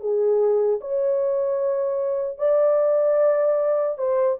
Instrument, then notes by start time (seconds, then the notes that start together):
horn
0.00 G#4
0.81 C#5
2.38 D5
3.98 C5